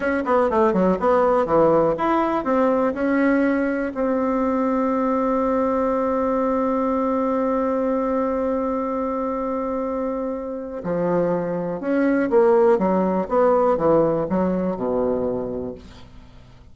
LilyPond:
\new Staff \with { instrumentName = "bassoon" } { \time 4/4 \tempo 4 = 122 cis'8 b8 a8 fis8 b4 e4 | e'4 c'4 cis'2 | c'1~ | c'1~ |
c'1~ | c'2 f2 | cis'4 ais4 fis4 b4 | e4 fis4 b,2 | }